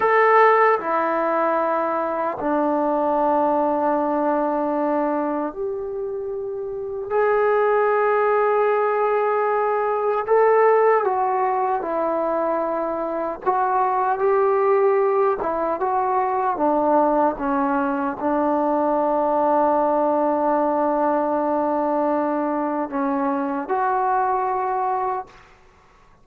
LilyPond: \new Staff \with { instrumentName = "trombone" } { \time 4/4 \tempo 4 = 76 a'4 e'2 d'4~ | d'2. g'4~ | g'4 gis'2.~ | gis'4 a'4 fis'4 e'4~ |
e'4 fis'4 g'4. e'8 | fis'4 d'4 cis'4 d'4~ | d'1~ | d'4 cis'4 fis'2 | }